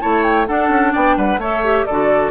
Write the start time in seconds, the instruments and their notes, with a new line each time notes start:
0.00 bassoon A3, clarinet E4, oboe C#5, flute A5
0.23 flute G5
0.46 clarinet D4, bassoon D4, oboe A4, flute F#5
0.68 bassoon C#4
0.92 bassoon B3, oboe D5, flute G5
1.16 bassoon G3, oboe B4, flute F#5
1.37 bassoon A3, clarinet A4, oboe C#5, flute E5
1.64 clarinet G4
1.85 bassoon D3, clarinet F#4, oboe A4, flute D5